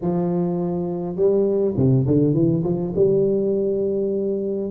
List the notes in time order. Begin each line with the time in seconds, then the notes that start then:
0.01 F3
1.16 G3
1.76 C3
2.06 D3
2.33 E3
2.63 F3
2.95 G3